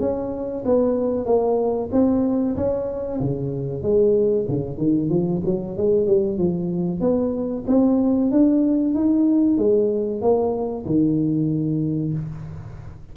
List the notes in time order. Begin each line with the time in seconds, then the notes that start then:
0.00 C#4
0.65 B3
1.25 A#3
1.92 C4
2.56 C#4
3.20 C#3
3.82 G#3
4.48 C#3
4.78 D#3
5.09 F3
5.45 F#3
5.77 G#3
6.07 G3
6.38 F3
7.00 B3
7.67 C4
8.31 D4
8.94 D#4
9.57 G#3
10.21 A#3
10.85 D#3